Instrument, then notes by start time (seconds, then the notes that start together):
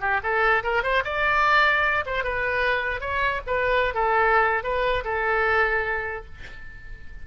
oboe
0.00 G4
0.23 A4
0.63 A#4
0.83 C5
1.04 D5
2.05 C5
2.24 B4
3.00 C#5
3.46 B4
3.94 A4
4.63 B4
5.04 A4